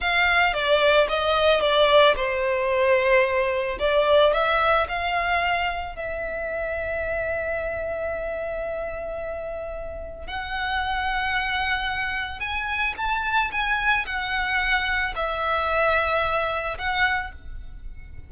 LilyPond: \new Staff \with { instrumentName = "violin" } { \time 4/4 \tempo 4 = 111 f''4 d''4 dis''4 d''4 | c''2. d''4 | e''4 f''2 e''4~ | e''1~ |
e''2. fis''4~ | fis''2. gis''4 | a''4 gis''4 fis''2 | e''2. fis''4 | }